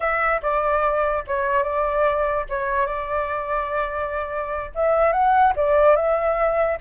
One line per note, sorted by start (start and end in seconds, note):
0.00 0.41 E5
0.41 1.24 D5
1.27 1.63 C#5
1.63 2.45 D5
2.49 2.86 C#5
2.86 4.71 D5
4.75 5.12 E5
5.12 5.53 F#5
5.56 5.96 D5
5.96 6.78 E5